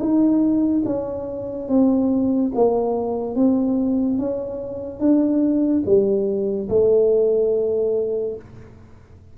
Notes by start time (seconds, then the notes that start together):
0.00 D#4
0.86 C#4
1.69 C4
2.55 A#3
3.36 C4
4.19 C#4
5.00 D4
5.86 G3
6.70 A3